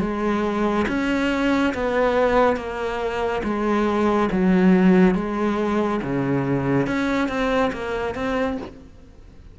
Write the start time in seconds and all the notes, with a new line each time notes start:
0.00 G#3
0.88 C#4
1.74 B3
2.56 A#3
3.44 G#3
4.31 F#3
5.15 G#3
6.02 C#3
6.87 C#4
7.28 C4
7.73 A#3
8.15 C4